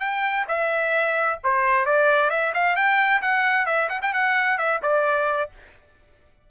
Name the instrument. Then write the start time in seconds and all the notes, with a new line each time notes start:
trumpet
0.00 G5
0.48 E5
1.43 C5
1.85 D5
2.30 E5
2.54 F5
2.76 G5
3.21 F#5
3.66 E5
3.89 F#5
4.02 G5
4.13 F#5
4.58 E5
4.82 D5